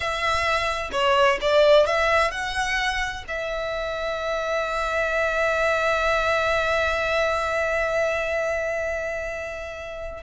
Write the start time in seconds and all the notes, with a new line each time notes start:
0.00 E5
0.92 C#5
1.41 D5
1.86 E5
2.31 F#5
3.28 E5